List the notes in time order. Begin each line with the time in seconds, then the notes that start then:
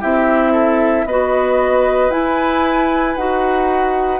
0.00 C4 E4 G4 E5
0.52 A4
1.04 B3 F#4 B4 D#5
2.10 E4 G#5
3.15 D#4 F#4 F#5